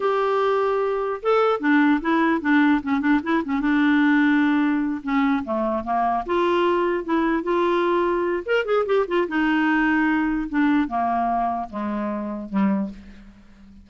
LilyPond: \new Staff \with { instrumentName = "clarinet" } { \time 4/4 \tempo 4 = 149 g'2. a'4 | d'4 e'4 d'4 cis'8 d'8 | e'8 cis'8 d'2.~ | d'8 cis'4 a4 ais4 f'8~ |
f'4. e'4 f'4.~ | f'4 ais'8 gis'8 g'8 f'8 dis'4~ | dis'2 d'4 ais4~ | ais4 gis2 g4 | }